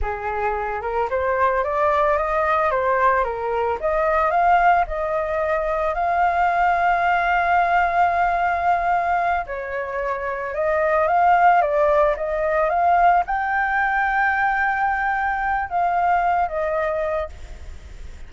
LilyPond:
\new Staff \with { instrumentName = "flute" } { \time 4/4 \tempo 4 = 111 gis'4. ais'8 c''4 d''4 | dis''4 c''4 ais'4 dis''4 | f''4 dis''2 f''4~ | f''1~ |
f''4. cis''2 dis''8~ | dis''8 f''4 d''4 dis''4 f''8~ | f''8 g''2.~ g''8~ | g''4 f''4. dis''4. | }